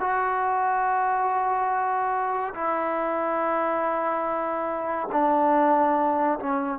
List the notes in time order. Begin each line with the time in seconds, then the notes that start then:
0.00 F#4
2.55 E4
5.12 D4
6.39 C#4